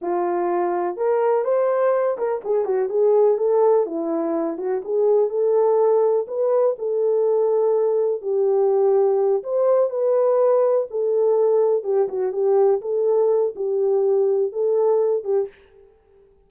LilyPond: \new Staff \with { instrumentName = "horn" } { \time 4/4 \tempo 4 = 124 f'2 ais'4 c''4~ | c''8 ais'8 gis'8 fis'8 gis'4 a'4 | e'4. fis'8 gis'4 a'4~ | a'4 b'4 a'2~ |
a'4 g'2~ g'8 c''8~ | c''8 b'2 a'4.~ | a'8 g'8 fis'8 g'4 a'4. | g'2 a'4. g'8 | }